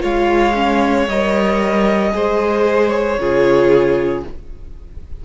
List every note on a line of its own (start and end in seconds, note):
0.00 1.08 G#3
0.00 0.53 F4
0.00 2.12 C#5
0.00 1.09 F5
0.54 1.07 C#4
1.08 2.13 G3
1.08 2.12 A#4
1.08 2.89 D#5
2.12 3.18 G#3
2.12 3.17 G#4
2.12 3.20 C5
2.89 4.20 C#5
3.18 4.24 C#3
3.18 4.25 F4
3.18 4.25 G#4